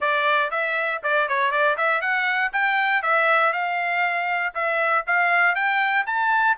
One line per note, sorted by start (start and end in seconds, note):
0.00 0.50 D5
0.50 1.01 E5
1.03 1.28 D5
1.28 1.51 C#5
1.51 1.76 D5
1.77 2.01 E5
2.01 2.51 F#5
2.53 3.02 G5
3.02 3.52 E5
3.52 4.53 F5
4.54 5.04 E5
5.06 5.55 F5
5.55 6.05 G5
6.06 6.57 A5